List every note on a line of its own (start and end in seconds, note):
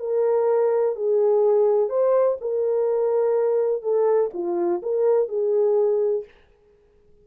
0.00 0.96 A#4
0.96 1.90 G#4
1.90 2.38 C5
2.41 3.82 A#4
3.82 4.30 A4
4.34 4.82 F4
4.83 5.29 A#4
5.29 6.25 G#4